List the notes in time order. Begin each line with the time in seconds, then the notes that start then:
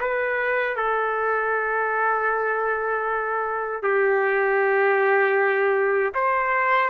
0.00 B4
0.76 A4
3.83 G4
6.14 C5